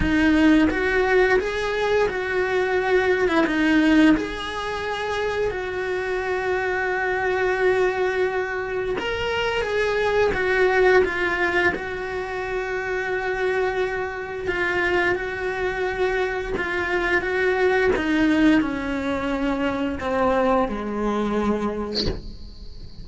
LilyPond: \new Staff \with { instrumentName = "cello" } { \time 4/4 \tempo 4 = 87 dis'4 fis'4 gis'4 fis'4~ | fis'8. e'16 dis'4 gis'2 | fis'1~ | fis'4 ais'4 gis'4 fis'4 |
f'4 fis'2.~ | fis'4 f'4 fis'2 | f'4 fis'4 dis'4 cis'4~ | cis'4 c'4 gis2 | }